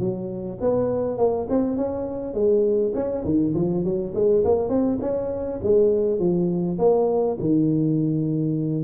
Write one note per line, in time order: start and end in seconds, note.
0.00 0.59 F#3
0.61 1.18 B3
1.18 1.48 A#3
1.50 1.77 C4
1.77 2.34 C#4
2.34 2.93 G#3
2.95 3.25 C#4
3.25 3.54 D#3
3.55 3.84 F3
3.84 4.14 F#3
4.15 4.44 G#3
4.45 4.70 A#3
4.70 4.99 C4
5.02 5.60 C#4
5.64 6.20 G#3
6.20 6.79 F3
6.79 7.38 A#3
7.40 8.85 D#3